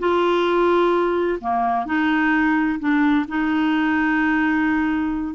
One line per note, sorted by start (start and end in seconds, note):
0.00 1.40 F4
1.41 1.86 A#3
1.86 2.79 D#4
2.80 3.26 D4
3.29 5.35 D#4